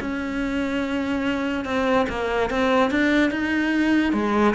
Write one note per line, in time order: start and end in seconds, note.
0.00 1.64 C#4
1.64 2.06 C4
2.09 2.50 A#3
2.50 2.91 C4
2.91 3.31 D4
3.31 4.12 D#4
4.12 4.54 G#3